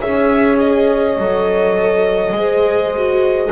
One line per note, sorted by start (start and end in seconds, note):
0.00 1.17 C#4
0.00 1.18 G#4
0.00 2.36 C#5
0.00 0.59 E5
0.59 3.52 D#5
1.17 2.33 F#3
1.17 2.36 A4
2.33 3.50 G#3
2.33 2.96 G#4
2.33 3.52 C5
2.97 3.52 F#4